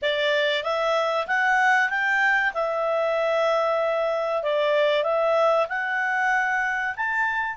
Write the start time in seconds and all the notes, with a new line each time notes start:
0.01 D5
0.63 E5
1.27 F#5
1.89 G5
2.54 E5
4.42 D5
5.03 E5
5.68 F#5
6.96 A5